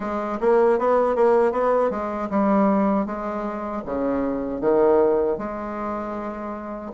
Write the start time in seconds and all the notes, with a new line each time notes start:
0.00 G#3
0.40 A#3
0.78 B3
1.15 A#3
1.52 B3
1.90 G#3
2.30 G3
3.06 G#3
3.85 C#3
4.60 D#3
5.37 G#3